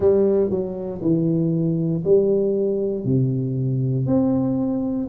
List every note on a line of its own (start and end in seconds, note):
0.00 0.49 G3
0.49 1.00 F#3
1.01 2.03 E3
2.04 3.05 G3
3.05 4.06 C3
4.06 5.08 C4